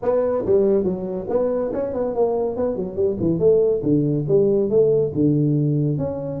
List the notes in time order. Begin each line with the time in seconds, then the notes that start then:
0.02 B3
0.45 G3
0.84 F#3
1.29 B3
1.73 C#4
1.93 B3
2.14 A#3
2.56 B3
2.75 F#3
2.95 G3
3.19 E3
3.39 A3
3.82 D3
4.28 G3
4.69 A3
5.14 D3
5.98 C#4